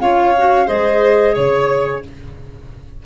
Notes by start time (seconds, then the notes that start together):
0.00 C#4 F4 C#5 F5
0.38 F#4
0.66 G#3 G#4 C5 D#5
1.34 C#3 C#5